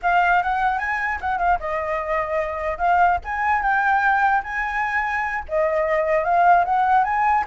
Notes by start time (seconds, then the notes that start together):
0.02 F5
0.42 F#5
0.78 G#5
1.20 F#5
1.38 F5
1.59 D#5
2.78 F5
3.24 G#5
3.61 G5
4.43 G#5
5.48 D#5
6.24 F5
6.64 F#5
7.04 G#5